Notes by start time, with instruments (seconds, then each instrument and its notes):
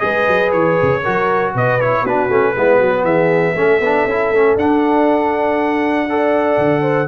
0.00 tuba G#3, trombone G#4, horn B4, trumpet D#5
0.28 tuba F#3
0.52 tuba E3, trumpet C#5
0.82 tuba C#3
1.03 tuba F#3, trombone F#4, horn A#4
1.54 tuba B2, horn B4, trumpet D#5
1.81 trombone E4, trumpet C#5
2.02 tuba B3, horn F#4, trumpet B4
2.08 trombone D4
2.29 tuba A3, trombone C#4
2.56 tuba G#3, trombone B3, horn E4
2.78 tuba F#3, horn F#4
3.04 tuba E3, horn G#4, trumpet E5
3.55 tuba A3, trombone C#4, horn A4
3.80 tuba B3, trombone D4
4.06 tuba C#4, trombone E4
4.30 tuba A3, trombone C#4
4.56 tuba D4, trombone D4, trumpet F#5
6.09 trombone A4, horn D5
6.58 tuba D3
6.82 horn C5